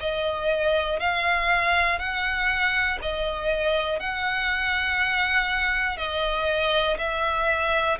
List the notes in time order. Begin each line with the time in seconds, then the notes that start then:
0.00 D#5
1.00 F5
1.99 F#5
3.02 D#5
4.00 F#5
5.98 D#5
6.99 E5